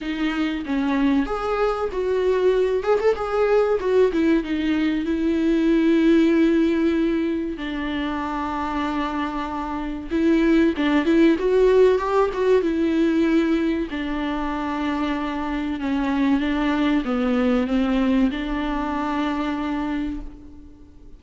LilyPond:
\new Staff \with { instrumentName = "viola" } { \time 4/4 \tempo 4 = 95 dis'4 cis'4 gis'4 fis'4~ | fis'8 gis'16 a'16 gis'4 fis'8 e'8 dis'4 | e'1 | d'1 |
e'4 d'8 e'8 fis'4 g'8 fis'8 | e'2 d'2~ | d'4 cis'4 d'4 b4 | c'4 d'2. | }